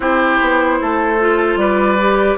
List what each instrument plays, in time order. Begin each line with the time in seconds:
0.00 bassoon C4, clarinet E4, oboe G4, flute C5
0.41 bassoon B3
0.81 bassoon A3, oboe A4
1.19 clarinet F4
1.55 bassoon G3, oboe B4, flute D5
1.99 clarinet G4